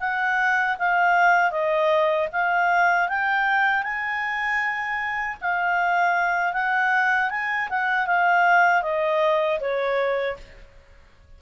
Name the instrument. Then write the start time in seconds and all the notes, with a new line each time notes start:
clarinet
0.00 F#5
0.79 F5
1.51 D#5
2.32 F5
3.08 G5
3.83 G#5
5.41 F5
6.53 F#5
7.30 G#5
7.69 F#5
8.07 F5
8.82 D#5
9.60 C#5